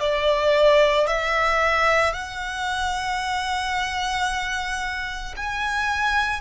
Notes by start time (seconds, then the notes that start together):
0.00 D5
1.07 E5
2.13 F#5
5.37 G#5